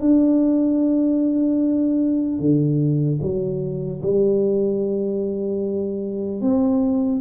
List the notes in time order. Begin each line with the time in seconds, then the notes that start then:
0.00 D4
2.39 D3
3.21 F#3
4.02 G3
6.41 C4